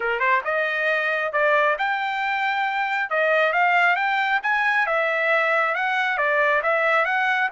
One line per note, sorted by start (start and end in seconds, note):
0.00 0.19 A#4
0.19 0.41 C5
0.44 1.32 D#5
1.32 1.76 D5
1.78 3.10 G5
3.10 3.52 D#5
3.52 3.95 F5
3.95 4.40 G5
4.42 4.86 G#5
4.86 5.74 E5
5.75 6.17 F#5
6.17 6.61 D5
6.62 7.05 E5
7.05 7.49 F#5